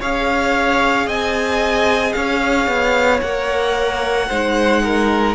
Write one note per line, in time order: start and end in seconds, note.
0.00 1.07 C#4
0.00 3.23 G#4
0.00 1.07 C#5
0.00 1.09 F5
1.07 2.14 C4
1.07 2.14 D#5
1.07 2.13 G#5
2.13 2.67 C#4
2.13 4.29 C#5
2.13 3.20 F5
2.67 3.21 B3
3.21 4.30 A#3
3.21 4.30 A#4
3.21 5.35 F#5
4.29 5.35 G#3
4.29 5.35 D#4
4.29 4.83 C5
4.84 5.35 A#4